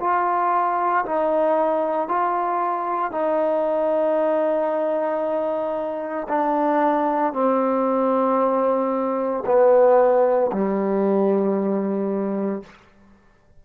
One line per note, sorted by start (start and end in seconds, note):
0.00 1.05 F4
1.06 2.09 D#4
2.09 3.12 F4
3.12 6.28 D#4
6.29 7.33 D4
7.33 9.44 C4
9.46 10.52 B3
10.53 12.63 G3